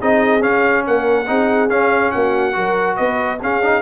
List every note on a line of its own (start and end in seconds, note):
0.00 0.45 C4
0.00 0.41 D#4
0.00 0.85 G#4
0.00 0.43 D#5
0.41 1.26 C#4
0.41 0.87 C#4
0.41 0.85 F5
0.87 1.29 A#3
0.87 1.29 A#4
0.87 1.70 F#5
1.27 1.69 C4
1.27 1.69 D#4
1.27 2.14 G#4
1.69 2.12 C#4
1.69 2.53 C#4
1.69 2.11 F5
2.11 2.56 A#3
2.11 2.56 F#4
2.11 2.97 F#5
2.53 2.99 F#3
2.53 3.38 F#4
2.53 2.97 A#4
2.97 3.42 B3
2.97 3.39 B4
2.97 3.39 D#5
3.42 3.82 C#4
3.42 3.62 C#4
3.42 3.82 G#4
3.42 3.82 F5
3.62 3.82 D#4